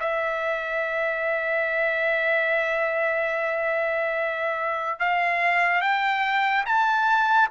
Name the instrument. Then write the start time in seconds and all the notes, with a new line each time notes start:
trumpet
0.00 E5
4.99 F5
5.81 G5
6.66 A5